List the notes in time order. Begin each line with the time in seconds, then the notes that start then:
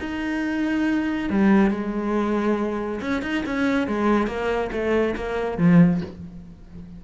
0.00 D#4
1.29 G3
1.70 G#3
3.00 C#4
3.22 D#4
3.46 C#4
3.87 G#3
4.27 A#3
4.72 A3
5.15 A#3
5.57 F3